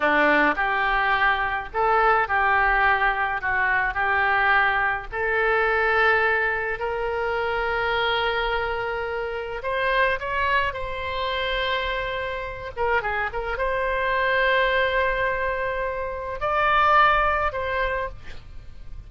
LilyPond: \new Staff \with { instrumentName = "oboe" } { \time 4/4 \tempo 4 = 106 d'4 g'2 a'4 | g'2 fis'4 g'4~ | g'4 a'2. | ais'1~ |
ais'4 c''4 cis''4 c''4~ | c''2~ c''8 ais'8 gis'8 ais'8 | c''1~ | c''4 d''2 c''4 | }